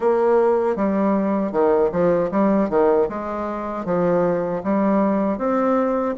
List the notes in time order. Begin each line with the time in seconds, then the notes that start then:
0.00 A#3
0.76 G3
1.52 D#3
1.92 F3
2.31 G3
2.69 D#3
3.08 G#3
3.85 F3
4.63 G3
5.37 C4